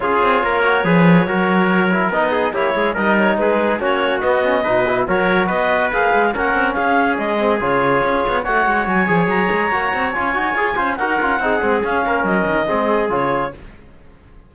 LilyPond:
<<
  \new Staff \with { instrumentName = "clarinet" } { \time 4/4 \tempo 4 = 142 cis''1~ | cis''4 dis''4 cis''4 dis''8 cis''8 | b'4 cis''4 dis''2 | cis''4 dis''4 f''4 fis''4 |
f''4 dis''4 cis''2 | fis''4 gis''4 ais''2 | gis''2 fis''2 | f''4 dis''2 cis''4 | }
  \new Staff \with { instrumentName = "trumpet" } { \time 4/4 gis'4 ais'4 b'4 ais'4~ | ais'4. gis'8 g'8 gis'8 ais'4 | gis'4 fis'2 b'4 | ais'4 b'2 ais'4 |
gis'1 | cis''1~ | cis''4. c''8 ais'4 gis'4~ | gis'8 ais'4. gis'2 | }
  \new Staff \with { instrumentName = "trombone" } { \time 4/4 f'4. fis'8 gis'4 fis'4~ | fis'8 e'8 dis'4 e'4 dis'4~ | dis'4 cis'4 b8 cis'8 dis'8 e'8 | fis'2 gis'4 cis'4~ |
cis'4. c'8 f'2 | fis'4. gis'4. fis'4 | f'8 fis'8 gis'8 f'8 fis'8 f'8 dis'8 c'8 | cis'2 c'4 f'4 | }
  \new Staff \with { instrumentName = "cello" } { \time 4/4 cis'8 c'8 ais4 f4 fis4~ | fis4 b4 ais8 gis8 g4 | gis4 ais4 b4 b,4 | fis4 b4 ais8 gis8 ais8 c'8 |
cis'4 gis4 cis4 cis'8 b8 | a8 gis8 fis8 f8 fis8 gis8 ais8 c'8 | cis'8 dis'8 f'8 cis'8 dis'8 cis'8 c'8 gis8 | cis'8 ais8 fis8 dis8 gis4 cis4 | }
>>